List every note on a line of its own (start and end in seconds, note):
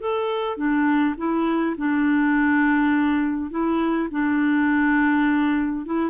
0.00 0.57 A4
0.57 1.15 D4
1.17 1.76 E4
1.77 3.50 D4
3.50 4.09 E4
4.11 5.85 D4
5.85 6.10 E4